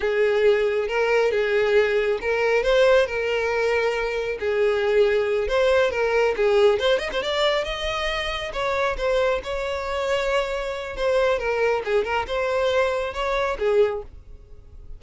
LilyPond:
\new Staff \with { instrumentName = "violin" } { \time 4/4 \tempo 4 = 137 gis'2 ais'4 gis'4~ | gis'4 ais'4 c''4 ais'4~ | ais'2 gis'2~ | gis'8 c''4 ais'4 gis'4 c''8 |
dis''16 c''16 d''4 dis''2 cis''8~ | cis''8 c''4 cis''2~ cis''8~ | cis''4 c''4 ais'4 gis'8 ais'8 | c''2 cis''4 gis'4 | }